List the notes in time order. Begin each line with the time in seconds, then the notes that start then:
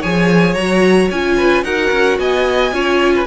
0.00 F3 G#4 C#5 G#5
0.54 F#3 F#4 A#5
1.10 C#4 F4 G#5
1.37 B4
1.63 D#4 F#4 A#4 F#5
1.91 C#4
2.18 B3 D#5 G#5
2.72 C#4 F4 C#5
3.15 B4